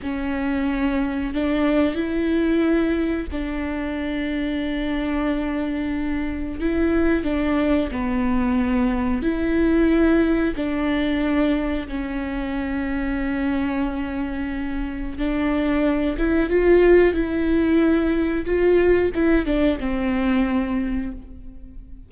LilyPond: \new Staff \with { instrumentName = "viola" } { \time 4/4 \tempo 4 = 91 cis'2 d'4 e'4~ | e'4 d'2.~ | d'2 e'4 d'4 | b2 e'2 |
d'2 cis'2~ | cis'2. d'4~ | d'8 e'8 f'4 e'2 | f'4 e'8 d'8 c'2 | }